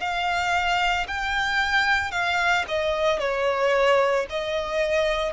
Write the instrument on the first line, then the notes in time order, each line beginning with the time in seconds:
violin
0.00 F5
1.08 G5
2.11 F5
2.68 D#5
3.19 C#5
4.30 D#5